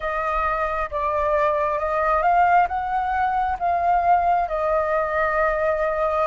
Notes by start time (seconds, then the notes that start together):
0.00 D#5
0.90 D5
1.79 D#5
2.22 F5
2.67 F#5
3.59 F5
4.48 D#5